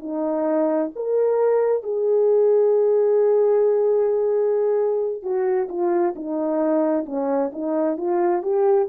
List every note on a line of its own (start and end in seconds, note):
0.00 0.91 D#4
0.95 1.83 A#4
1.83 5.23 G#4
5.23 5.68 F#4
5.69 6.14 F4
6.16 7.06 D#4
7.06 7.51 C#4
7.52 7.98 D#4
7.98 8.43 F4
8.43 8.88 G4